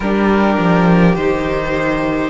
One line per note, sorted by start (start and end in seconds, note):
0.00 0.57 G3
0.00 1.18 D4
0.00 2.30 G4
0.00 1.15 A#4
0.58 1.16 F3
1.15 2.30 D#3
1.15 2.30 D#4
1.15 2.30 C5